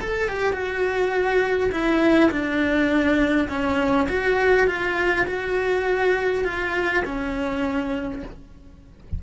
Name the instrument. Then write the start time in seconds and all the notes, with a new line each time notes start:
cello
0.00 A4
0.28 G4
0.52 F#4
1.71 E4
2.30 D4
3.48 C#4
4.09 F#4
4.67 F4
5.26 F#4
6.44 F4
7.05 C#4